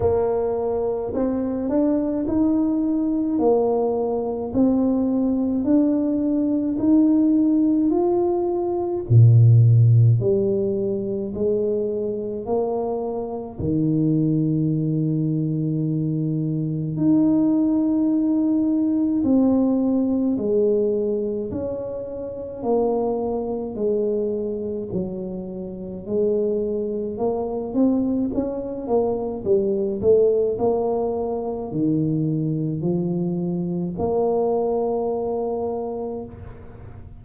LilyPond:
\new Staff \with { instrumentName = "tuba" } { \time 4/4 \tempo 4 = 53 ais4 c'8 d'8 dis'4 ais4 | c'4 d'4 dis'4 f'4 | ais,4 g4 gis4 ais4 | dis2. dis'4~ |
dis'4 c'4 gis4 cis'4 | ais4 gis4 fis4 gis4 | ais8 c'8 cis'8 ais8 g8 a8 ais4 | dis4 f4 ais2 | }